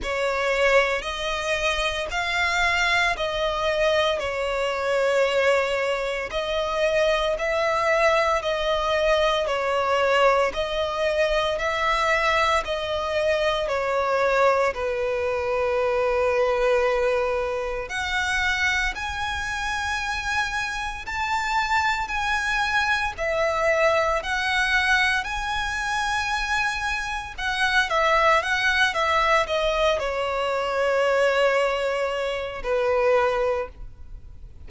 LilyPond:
\new Staff \with { instrumentName = "violin" } { \time 4/4 \tempo 4 = 57 cis''4 dis''4 f''4 dis''4 | cis''2 dis''4 e''4 | dis''4 cis''4 dis''4 e''4 | dis''4 cis''4 b'2~ |
b'4 fis''4 gis''2 | a''4 gis''4 e''4 fis''4 | gis''2 fis''8 e''8 fis''8 e''8 | dis''8 cis''2~ cis''8 b'4 | }